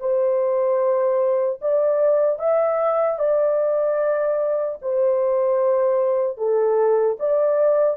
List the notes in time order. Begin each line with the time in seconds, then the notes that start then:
0.00 C5
1.62 D5
2.39 E5
3.19 D5
4.82 C5
6.38 A4
7.20 D5